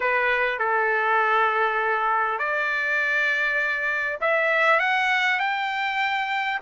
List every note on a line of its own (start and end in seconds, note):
0.00 0.58 B4
0.58 2.38 A4
2.38 4.18 D5
4.20 4.79 E5
4.79 5.39 F#5
5.39 6.59 G5